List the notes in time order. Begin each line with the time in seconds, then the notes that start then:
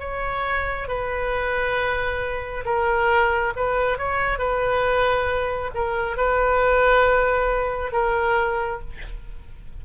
0.00 C#5
0.88 B4
2.66 A#4
3.57 B4
3.99 C#5
4.39 B4
5.75 A#4
6.17 B4
7.93 A#4